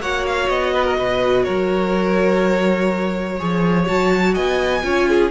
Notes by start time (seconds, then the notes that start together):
0.00 A#3 F#4 C#5 F#5
0.26 F5
0.49 B3 D#5
0.73 B4
0.85 A#4
0.98 B2 B4
1.43 F#3 A#4 C#5
3.37 F3 G#4 C#5
3.86 F#3 F#4 A5
4.34 B3 D#5 G#5
4.83 C#4 F4 C#5
5.09 G#4